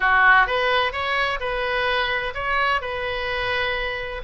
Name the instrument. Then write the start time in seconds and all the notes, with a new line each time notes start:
oboe
0.00 F#4
0.46 B4
0.92 C#5
1.39 B4
2.34 C#5
2.81 B4